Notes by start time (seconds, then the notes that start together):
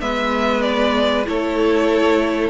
0.00 G#3 B3 B4 E5
0.62 D5
1.26 A3 E4 A4 C#5